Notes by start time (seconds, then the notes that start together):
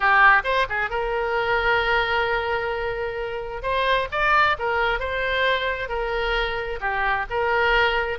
0.00 G4
0.44 C5
0.69 G#4
0.90 A#4
3.62 C5
4.11 D5
4.58 A#4
4.99 C5
5.88 A#4
6.80 G4
7.30 A#4